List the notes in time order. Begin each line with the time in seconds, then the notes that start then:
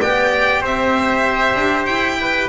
0.00 B3 G4 D5 G5
0.61 C4 C5 E5
1.55 D4
1.85 E4 G5
2.21 B4